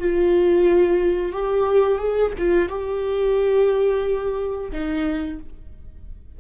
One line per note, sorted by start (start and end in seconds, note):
0.00 1.33 F4
1.33 1.99 G4
1.99 2.33 G#4
2.38 2.69 F4
2.69 4.72 G4
4.72 5.40 D#4